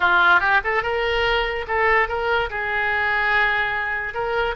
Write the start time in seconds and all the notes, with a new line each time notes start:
0.00 F4
0.39 G4
0.64 A4
0.83 A#4
1.67 A4
2.08 A#4
2.50 G#4
4.14 A#4